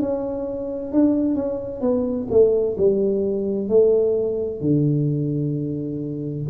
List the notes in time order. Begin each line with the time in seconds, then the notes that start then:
0.00 C#4
0.91 D4
1.35 C#4
1.81 B3
2.30 A3
2.77 G3
3.68 A3
4.60 D3